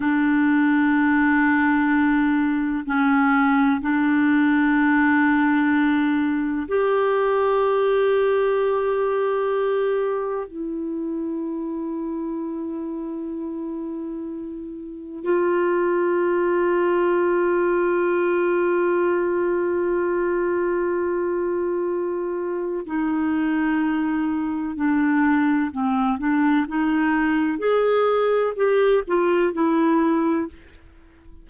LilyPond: \new Staff \with { instrumentName = "clarinet" } { \time 4/4 \tempo 4 = 63 d'2. cis'4 | d'2. g'4~ | g'2. e'4~ | e'1 |
f'1~ | f'1 | dis'2 d'4 c'8 d'8 | dis'4 gis'4 g'8 f'8 e'4 | }